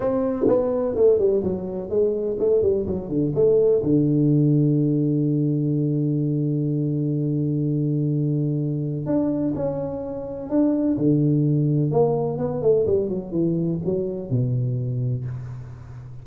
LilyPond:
\new Staff \with { instrumentName = "tuba" } { \time 4/4 \tempo 4 = 126 c'4 b4 a8 g8 fis4 | gis4 a8 g8 fis8 d8 a4 | d1~ | d1~ |
d2. d'4 | cis'2 d'4 d4~ | d4 ais4 b8 a8 g8 fis8 | e4 fis4 b,2 | }